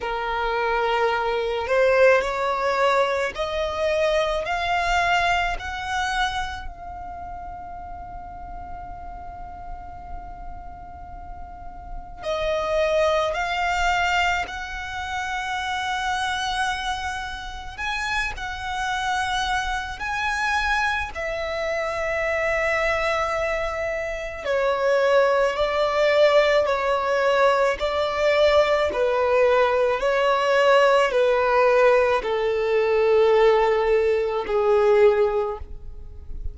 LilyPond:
\new Staff \with { instrumentName = "violin" } { \time 4/4 \tempo 4 = 54 ais'4. c''8 cis''4 dis''4 | f''4 fis''4 f''2~ | f''2. dis''4 | f''4 fis''2. |
gis''8 fis''4. gis''4 e''4~ | e''2 cis''4 d''4 | cis''4 d''4 b'4 cis''4 | b'4 a'2 gis'4 | }